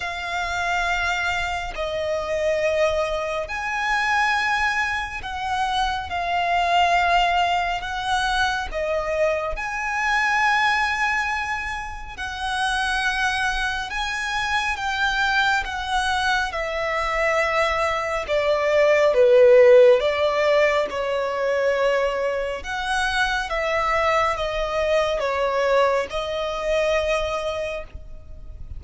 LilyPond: \new Staff \with { instrumentName = "violin" } { \time 4/4 \tempo 4 = 69 f''2 dis''2 | gis''2 fis''4 f''4~ | f''4 fis''4 dis''4 gis''4~ | gis''2 fis''2 |
gis''4 g''4 fis''4 e''4~ | e''4 d''4 b'4 d''4 | cis''2 fis''4 e''4 | dis''4 cis''4 dis''2 | }